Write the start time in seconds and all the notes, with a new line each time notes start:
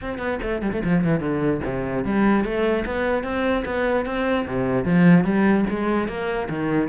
0.01 C4
0.18 B3
0.42 A3
0.61 G3
0.72 A3
0.84 F3
1.03 E3
1.20 D3
1.64 C3
2.04 G3
2.44 A3
2.85 B3
3.23 C4
3.65 B3
4.05 C4
4.46 C3
4.84 F3
5.24 G3
5.69 G#3
6.08 A#3
6.49 D#3